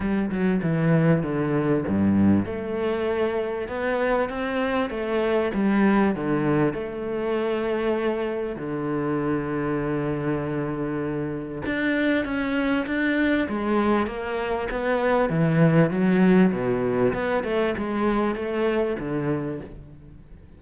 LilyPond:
\new Staff \with { instrumentName = "cello" } { \time 4/4 \tempo 4 = 98 g8 fis8 e4 d4 g,4 | a2 b4 c'4 | a4 g4 d4 a4~ | a2 d2~ |
d2. d'4 | cis'4 d'4 gis4 ais4 | b4 e4 fis4 b,4 | b8 a8 gis4 a4 d4 | }